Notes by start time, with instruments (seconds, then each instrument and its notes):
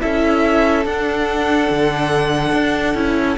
0.00 cello C#4, viola E4, violin A4 E5
0.86 cello D4, viola D4, violin F#5
1.71 cello D3
2.54 cello D4
2.95 cello C#4, viola E4